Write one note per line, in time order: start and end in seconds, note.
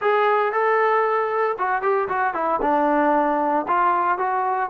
0.01 0.52 G#4
0.52 1.57 A4
1.58 1.81 F#4
1.81 2.08 G4
2.08 2.34 F#4
2.34 2.60 E4
2.61 3.66 D4
3.67 4.17 F4
4.17 4.70 F#4